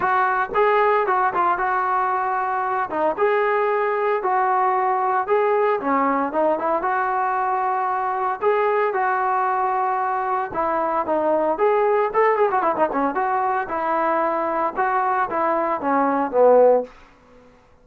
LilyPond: \new Staff \with { instrumentName = "trombone" } { \time 4/4 \tempo 4 = 114 fis'4 gis'4 fis'8 f'8 fis'4~ | fis'4. dis'8 gis'2 | fis'2 gis'4 cis'4 | dis'8 e'8 fis'2. |
gis'4 fis'2. | e'4 dis'4 gis'4 a'8 gis'16 fis'16 | e'16 dis'16 cis'8 fis'4 e'2 | fis'4 e'4 cis'4 b4 | }